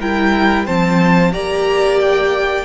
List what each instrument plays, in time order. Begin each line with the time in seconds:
0.00 cello G3, viola E4, violin A#4 G5
0.65 cello F3, viola C4, violin C5 A5
1.32 cello A#3, viola G4, violin D5 A#5
2.00 violin G5